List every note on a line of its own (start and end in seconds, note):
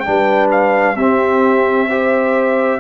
0.00 0.97 D4
0.00 0.46 G5
0.07 0.96 G3
0.07 0.96 B4
0.51 0.96 F5
0.96 2.80 C4
0.96 1.89 C4
0.96 1.88 G4
0.96 2.80 E5
1.88 2.80 G4
1.88 2.80 C5